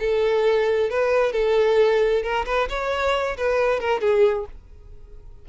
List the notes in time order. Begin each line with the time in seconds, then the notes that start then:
0.00 A4
0.90 B4
1.33 A4
2.23 A#4
2.46 B4
2.69 C#5
3.37 B4
3.80 A#4
4.01 G#4